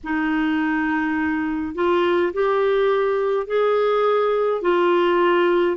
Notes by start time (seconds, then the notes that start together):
0.03 D#4
1.75 F4
2.33 G4
3.46 G#4
4.62 F4